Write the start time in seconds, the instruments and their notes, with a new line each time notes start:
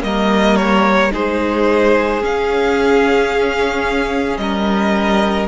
0.00 cello G3, viola A#3, violin A#4 D#5
0.56 violin C#5
1.11 cello G#3, viola D#4, violin G#4 C5
2.22 cello C#4, viola C#4, violin F5
4.37 cello G3, violin A#4 D#5